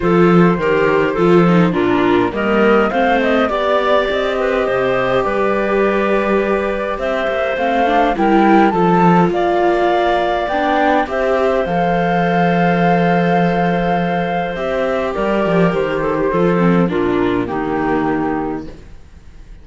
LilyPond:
<<
  \new Staff \with { instrumentName = "flute" } { \time 4/4 \tempo 4 = 103 c''2. ais'4 | dis''4 f''8 dis''8 d''4 dis''4~ | dis''4 d''2. | e''4 f''4 g''4 a''4 |
f''2 g''4 e''4 | f''1~ | f''4 e''4 d''4 c''4~ | c''4 ais'4 g'2 | }
  \new Staff \with { instrumentName = "clarinet" } { \time 4/4 a'4 ais'4 a'4 f'4 | ais'4 c''4 d''4. b'8 | c''4 b'2. | c''2 ais'4 a'4 |
d''2. c''4~ | c''1~ | c''2 ais'4. a'16 g'16 | a'4 f'4 dis'2 | }
  \new Staff \with { instrumentName = "viola" } { \time 4/4 f'4 g'4 f'8 dis'8 d'4 | ais4 c'4 g'2~ | g'1~ | g'4 c'8 d'8 e'4 f'4~ |
f'2 d'4 g'4 | a'1~ | a'4 g'2. | f'8 c'8 d'4 ais2 | }
  \new Staff \with { instrumentName = "cello" } { \time 4/4 f4 dis4 f4 ais,4 | g4 a4 b4 c'4 | c4 g2. | c'8 ais8 a4 g4 f4 |
ais2 b4 c'4 | f1~ | f4 c'4 g8 f8 dis4 | f4 ais,4 dis2 | }
>>